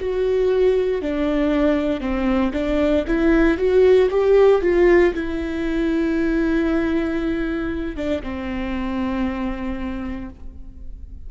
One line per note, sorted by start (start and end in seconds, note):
0.00 1.02 F#4
1.02 2.01 D4
2.01 2.53 C4
2.53 3.05 D4
3.08 3.58 E4
3.58 4.10 F#4
4.11 4.62 G4
4.62 5.14 F4
5.14 7.97 E4
7.97 8.22 D4
8.23 10.30 C4